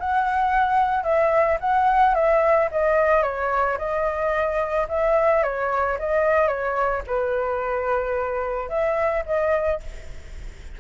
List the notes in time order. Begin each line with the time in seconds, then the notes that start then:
0.00 F#5
1.03 E5
1.60 F#5
2.14 E5
2.71 D#5
3.23 C#5
3.78 D#5
4.88 E5
5.43 C#5
5.99 D#5
6.48 C#5
7.07 B4
8.69 E5
9.26 D#5